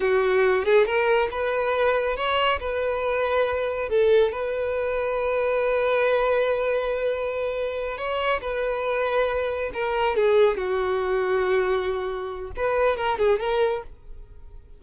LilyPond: \new Staff \with { instrumentName = "violin" } { \time 4/4 \tempo 4 = 139 fis'4. gis'8 ais'4 b'4~ | b'4 cis''4 b'2~ | b'4 a'4 b'2~ | b'1~ |
b'2~ b'8 cis''4 b'8~ | b'2~ b'8 ais'4 gis'8~ | gis'8 fis'2.~ fis'8~ | fis'4 b'4 ais'8 gis'8 ais'4 | }